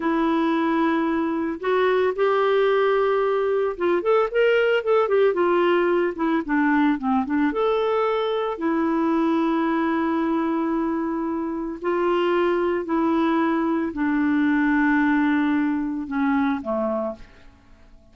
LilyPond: \new Staff \with { instrumentName = "clarinet" } { \time 4/4 \tempo 4 = 112 e'2. fis'4 | g'2. f'8 a'8 | ais'4 a'8 g'8 f'4. e'8 | d'4 c'8 d'8 a'2 |
e'1~ | e'2 f'2 | e'2 d'2~ | d'2 cis'4 a4 | }